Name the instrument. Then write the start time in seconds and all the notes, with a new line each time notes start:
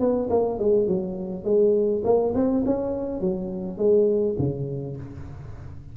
tuba
0.00 B3
0.30 A#3
0.59 G#3
0.87 F#3
1.45 G#3
2.04 A#3
2.35 C4
2.66 C#4
3.21 F#3
3.78 G#3
4.39 C#3